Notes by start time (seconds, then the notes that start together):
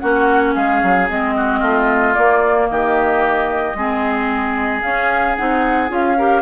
0.00 A#3 C#4 F#4 F#5
0.55 G#3 G#4 F5
0.83 F#3
1.10 G#3 C4 D#5
1.37 F#4
1.60 A3 F4
2.15 A#3 D5
2.70 D#3 G4 D#5
3.75 G#3 C4 G#4
4.83 C#4 F5
5.36 C4 D#4 F#5
5.89 C#4 F4 F5
6.18 G4 A#4